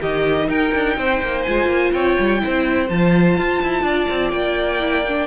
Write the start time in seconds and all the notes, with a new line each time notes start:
0.00 D#3 D#4 G4 D#5
0.48 D#4 A#4 G5
0.74 D4
0.97 C4 C5
1.22 A#3
1.43 G#3 F4 G#5
1.66 A#3
1.93 C4 C#5 G5
2.19 G3
2.39 E4 C5
2.46 C4
2.89 F3 F4 A5
3.37 F4
3.62 E4
3.82 D4 D5
4.10 C4
4.30 A#3 G5
4.79 E4
5.08 D4